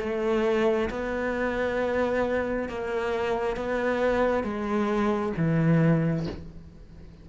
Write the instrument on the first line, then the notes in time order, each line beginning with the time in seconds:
cello
0.00 A3
0.90 B3
2.69 A#3
3.57 B3
4.44 G#3
5.37 E3